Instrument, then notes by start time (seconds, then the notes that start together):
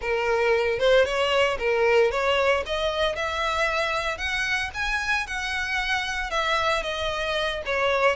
violin
0.01 A#4
0.79 C5
1.05 C#5
1.59 A#4
2.11 C#5
2.66 D#5
3.15 E5
4.17 F#5
4.74 G#5
5.26 F#5
6.30 E5
6.83 D#5
7.65 C#5